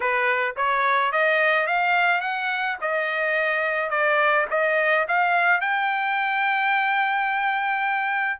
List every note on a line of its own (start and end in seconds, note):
0.00 0.55 B4
0.56 1.12 C#5
1.12 1.67 D#5
1.67 2.20 F5
2.20 2.76 F#5
2.81 3.90 D#5
3.90 4.46 D5
4.50 5.06 D#5
5.07 5.60 F5
5.60 8.40 G5